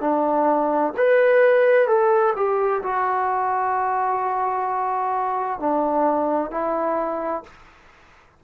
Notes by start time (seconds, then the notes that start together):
0.00 D4
0.97 B4
1.87 A4
2.35 G4
2.82 F#4
5.59 D4
6.50 E4